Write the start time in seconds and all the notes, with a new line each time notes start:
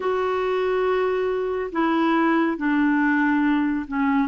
0.00 F#4
1.71 E4
2.57 D4
3.87 C#4